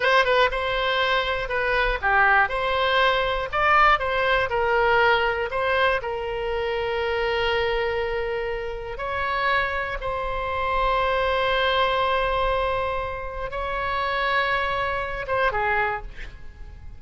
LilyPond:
\new Staff \with { instrumentName = "oboe" } { \time 4/4 \tempo 4 = 120 c''8 b'8 c''2 b'4 | g'4 c''2 d''4 | c''4 ais'2 c''4 | ais'1~ |
ais'2 cis''2 | c''1~ | c''2. cis''4~ | cis''2~ cis''8 c''8 gis'4 | }